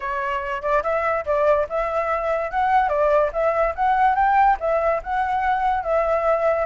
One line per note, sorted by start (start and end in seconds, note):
0.00 0.61 C#5
0.61 0.82 D5
0.83 1.24 E5
1.25 1.67 D5
1.69 2.50 E5
2.50 2.89 F#5
2.89 3.30 D5
3.32 3.74 E5
3.75 4.15 F#5
4.15 4.57 G5
4.59 5.01 E5
5.03 5.83 F#5
5.83 6.65 E5